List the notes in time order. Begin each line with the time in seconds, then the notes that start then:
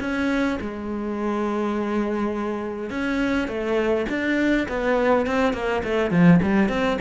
0.00 C#4
0.61 G#3
2.90 C#4
3.48 A3
4.09 D4
4.68 B3
5.26 C4
5.53 A#3
5.84 A3
6.11 F3
6.42 G3
6.69 C4